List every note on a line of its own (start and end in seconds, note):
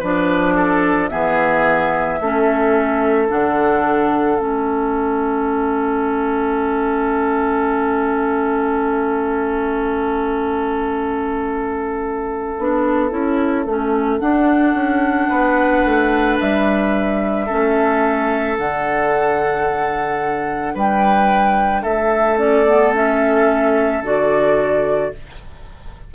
0.00 1.12 F3
0.00 1.11 D4
0.00 0.55 B4
0.00 1.09 D5
0.56 1.10 A4
1.09 2.21 E3
1.09 2.20 B3
1.09 2.20 G#4
1.09 3.27 E5
2.21 3.30 A3
2.21 3.29 C#4
2.21 15.29 A4
3.29 4.40 D3
3.29 4.38 D4
3.29 4.40 F#5
4.39 12.58 A3
4.39 12.57 C#4
4.39 14.20 E5
12.59 13.12 B3
12.59 13.10 D4
13.10 13.66 C#4
13.10 13.65 E4
13.66 14.21 A3
13.66 14.21 C#4
14.20 17.48 D4
14.20 14.75 D4
14.20 16.38 F#5
14.75 15.29 C#4
15.29 15.85 B3
15.29 17.47 B4
15.85 16.40 A3
16.40 17.50 G3
16.40 18.58 E5
17.47 18.59 A3
17.47 18.58 C#4
17.47 20.74 A4
18.58 20.75 D3
18.58 22.38 D4
18.58 20.77 F#5
20.75 21.84 G3
20.75 21.82 B4
20.75 21.83 G5
21.82 24.02 A3
21.82 25.10 A4
21.82 22.38 E5
22.38 22.65 C#4
22.38 22.94 D5
22.67 22.95 B3
22.95 24.04 C#4
22.95 24.04 E5
24.02 25.11 D3
24.02 25.13 F#4
24.02 25.15 D5